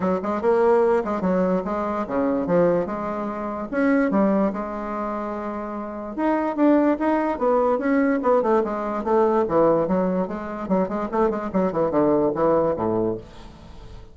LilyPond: \new Staff \with { instrumentName = "bassoon" } { \time 4/4 \tempo 4 = 146 fis8 gis8 ais4. gis8 fis4 | gis4 cis4 f4 gis4~ | gis4 cis'4 g4 gis4~ | gis2. dis'4 |
d'4 dis'4 b4 cis'4 | b8 a8 gis4 a4 e4 | fis4 gis4 fis8 gis8 a8 gis8 | fis8 e8 d4 e4 a,4 | }